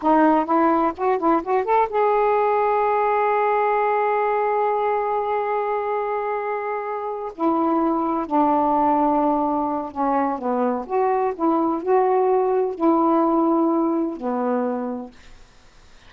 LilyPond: \new Staff \with { instrumentName = "saxophone" } { \time 4/4 \tempo 4 = 127 dis'4 e'4 fis'8 e'8 fis'8 a'8 | gis'1~ | gis'1~ | gis'2.~ gis'8 e'8~ |
e'4. d'2~ d'8~ | d'4 cis'4 b4 fis'4 | e'4 fis'2 e'4~ | e'2 b2 | }